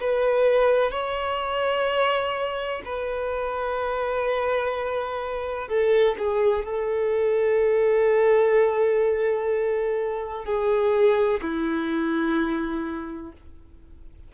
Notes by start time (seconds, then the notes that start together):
0.00 B4
0.91 C#5
2.85 B4
5.68 A4
6.18 G#4
6.65 A4
10.45 G#4
11.42 E4